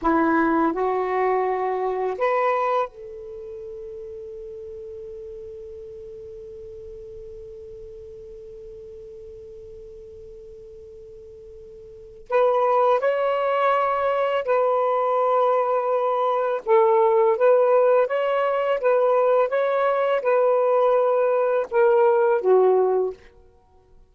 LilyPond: \new Staff \with { instrumentName = "saxophone" } { \time 4/4 \tempo 4 = 83 e'4 fis'2 b'4 | a'1~ | a'1~ | a'1~ |
a'4 b'4 cis''2 | b'2. a'4 | b'4 cis''4 b'4 cis''4 | b'2 ais'4 fis'4 | }